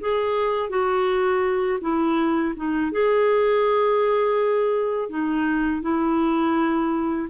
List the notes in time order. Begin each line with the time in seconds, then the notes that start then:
0.00 G#4
0.69 F#4
1.81 E4
2.56 D#4
2.91 G#4
5.09 D#4
5.81 E4